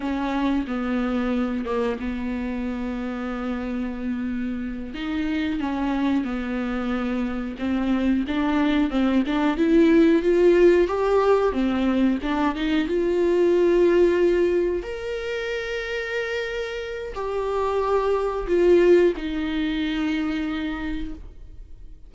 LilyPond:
\new Staff \with { instrumentName = "viola" } { \time 4/4 \tempo 4 = 91 cis'4 b4. ais8 b4~ | b2.~ b8 dis'8~ | dis'8 cis'4 b2 c'8~ | c'8 d'4 c'8 d'8 e'4 f'8~ |
f'8 g'4 c'4 d'8 dis'8 f'8~ | f'2~ f'8 ais'4.~ | ais'2 g'2 | f'4 dis'2. | }